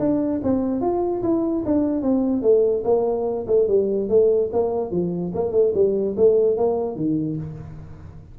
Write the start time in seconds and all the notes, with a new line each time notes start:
0.00 D4
0.44 C4
0.81 F4
1.23 E4
1.66 D4
2.03 C4
2.43 A3
2.85 A#3
3.48 A3
3.68 G3
4.10 A3
4.53 A#3
4.92 F3
5.35 A#3
5.53 A3
5.75 G3
6.17 A3
6.58 A#3
6.96 D#3